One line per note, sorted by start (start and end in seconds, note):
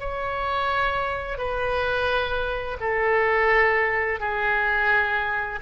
0.00 1.38 C#5
1.38 2.77 B4
2.80 4.20 A4
4.20 5.59 G#4